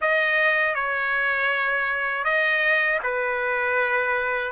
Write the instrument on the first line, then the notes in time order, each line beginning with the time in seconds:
trumpet
0.01 D#5
0.75 C#5
2.24 D#5
3.03 B4